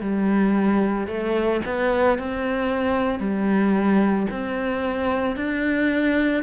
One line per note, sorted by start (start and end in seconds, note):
0.00 1.07 G3
1.07 1.61 A3
1.65 2.18 B3
2.18 3.19 C4
3.19 4.26 G3
4.31 5.36 C4
5.36 6.42 D4